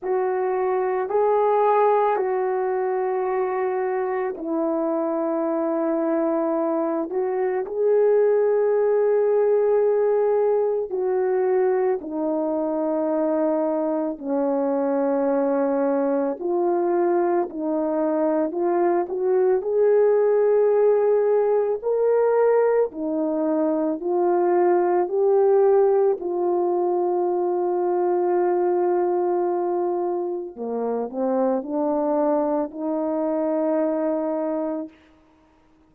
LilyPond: \new Staff \with { instrumentName = "horn" } { \time 4/4 \tempo 4 = 55 fis'4 gis'4 fis'2 | e'2~ e'8 fis'8 gis'4~ | gis'2 fis'4 dis'4~ | dis'4 cis'2 f'4 |
dis'4 f'8 fis'8 gis'2 | ais'4 dis'4 f'4 g'4 | f'1 | ais8 c'8 d'4 dis'2 | }